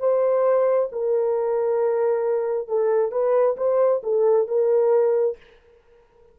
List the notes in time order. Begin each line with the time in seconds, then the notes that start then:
0.00 C5
0.92 A#4
2.69 A4
3.12 B4
3.57 C5
4.04 A4
4.48 A#4